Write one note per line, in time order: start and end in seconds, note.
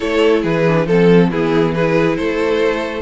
0.00 0.44 A3
0.00 0.63 E4
0.00 0.42 A4
0.00 0.43 C#5
0.42 0.86 E3
0.42 0.85 G#4
0.42 0.86 B4
0.67 0.88 D4
0.86 1.30 F3
0.86 1.33 C4
0.86 1.30 A4
1.30 2.17 E3
1.30 1.76 B3
1.30 1.74 E4
1.30 1.74 G#4
1.74 3.02 E4
1.74 2.17 G#4
1.74 2.16 B4
2.16 3.02 A3
2.16 3.02 A4
2.16 3.02 C5